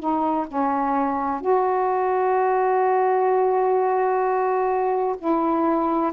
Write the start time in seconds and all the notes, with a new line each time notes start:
0.00 D#4
0.48 C#4
1.41 F#4
5.19 E4